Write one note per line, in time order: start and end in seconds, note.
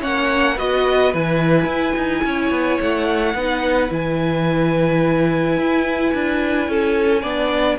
0.00 0.59 A#3
0.00 0.56 C#4
0.00 0.54 C#5
0.00 0.58 F#5
0.54 1.14 B3
0.54 1.12 F#4
0.54 2.21 B4
0.54 1.13 D#5
1.14 1.65 E3
1.14 3.36 E4
1.14 2.81 G#5
1.65 1.92 E4
1.96 2.24 D#4
2.24 2.50 C#4
2.24 3.36 C#5
2.50 2.78 B3
2.81 3.34 A3
2.81 3.93 F#5
3.34 3.90 B3
3.34 3.89 D#4
3.34 6.70 B4
3.89 5.57 E3
3.89 7.22 E4
3.89 7.79 G#5
5.57 6.13 E4
6.13 6.68 D4
6.68 7.23 C#4
6.68 7.22 A4
7.22 7.78 B3
7.22 7.79 D4
7.22 7.77 D5